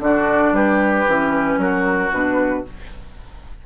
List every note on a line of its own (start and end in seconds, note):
0.00 0.53 D3
0.00 1.07 D4
0.00 0.54 F#4
0.00 0.55 D5
0.53 1.06 G3
0.53 1.60 G4
0.53 1.60 B4
1.07 1.58 E3
1.07 2.12 C#4
1.58 2.10 F#3
1.58 2.67 F#4
1.58 2.13 A#4
2.12 2.65 B2
2.12 2.65 D4
2.12 2.66 B4